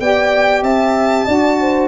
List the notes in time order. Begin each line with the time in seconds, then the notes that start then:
0.00 B3 G4 D5 G5
0.62 C4 E5 A5
1.26 D4 F#4 D5
1.60 C5